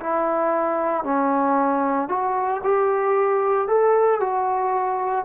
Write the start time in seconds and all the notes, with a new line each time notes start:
0.00 E4
1.03 C#4
2.08 F#4
2.63 G4
3.67 A4
4.20 F#4